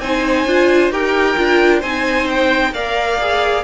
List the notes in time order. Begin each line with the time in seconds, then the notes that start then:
0.00 C4 D#4 C5 G#5
0.45 D4 F4
0.91 D#4 G4 A#4 G5
1.37 D4 F4
1.80 C4 D#4 C5 G#5
2.30 G5
2.74 A#3 A#4 D5 F5
3.20 G#4